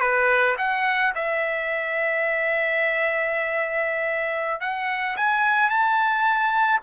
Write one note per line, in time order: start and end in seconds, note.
0.00 0.56 B4
0.58 1.13 F#5
1.15 4.60 E5
4.60 5.16 F#5
5.16 5.69 G#5
5.69 6.81 A5